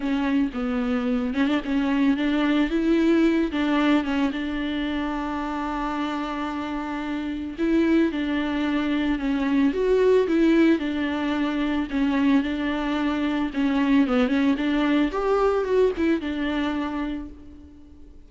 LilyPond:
\new Staff \with { instrumentName = "viola" } { \time 4/4 \tempo 4 = 111 cis'4 b4. cis'16 d'16 cis'4 | d'4 e'4. d'4 cis'8 | d'1~ | d'2 e'4 d'4~ |
d'4 cis'4 fis'4 e'4 | d'2 cis'4 d'4~ | d'4 cis'4 b8 cis'8 d'4 | g'4 fis'8 e'8 d'2 | }